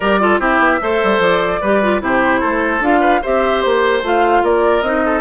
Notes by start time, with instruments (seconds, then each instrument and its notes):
0.00 bassoon G3, clarinet G4, oboe A#4, flute D5
0.20 clarinet F4, oboe A4
0.39 bassoon C4, clarinet E4, oboe G4, flute E5
0.59 bassoon B3
0.81 bassoon A3, clarinet A4, oboe C5
1.03 bassoon G3
1.18 bassoon F3, flute D5
1.61 bassoon G3, clarinet G4, oboe B4
1.82 clarinet F4
2.00 bassoon C3, clarinet E4, oboe G4, flute C5
2.40 bassoon A3, oboe A4
2.80 bassoon D4, clarinet F4, flute F5
3.00 oboe B4
3.21 bassoon C4, clarinet G4, oboe C5, flute E5
3.61 bassoon A#3, flute C5
4.02 bassoon A3, clarinet F4, flute F5
4.42 bassoon A#3, oboe A#4, flute D5
4.82 bassoon C4, clarinet D#4, flute D#5
5.05 oboe A4